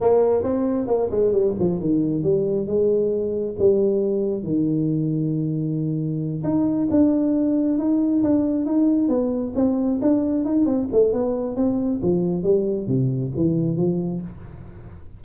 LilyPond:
\new Staff \with { instrumentName = "tuba" } { \time 4/4 \tempo 4 = 135 ais4 c'4 ais8 gis8 g8 f8 | dis4 g4 gis2 | g2 dis2~ | dis2~ dis8 dis'4 d'8~ |
d'4. dis'4 d'4 dis'8~ | dis'8 b4 c'4 d'4 dis'8 | c'8 a8 b4 c'4 f4 | g4 c4 e4 f4 | }